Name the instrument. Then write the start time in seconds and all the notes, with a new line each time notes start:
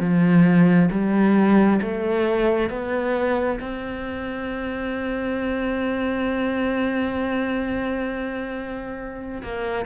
cello
0.00 F3
0.91 G3
1.82 A3
2.70 B3
3.60 C4
9.43 A#3